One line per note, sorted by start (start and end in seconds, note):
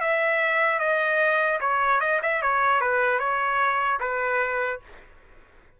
0.00 0.79 E5
0.79 1.59 D#5
1.60 2.00 C#5
2.00 2.20 D#5
2.22 2.42 E5
2.42 2.80 C#5
2.80 3.19 B4
3.19 3.99 C#5
4.00 4.80 B4